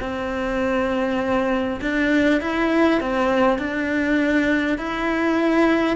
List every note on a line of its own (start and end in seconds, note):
0.00 1.80 C4
1.81 2.41 D4
2.41 3.01 E4
3.01 3.58 C4
3.58 4.78 D4
4.78 5.96 E4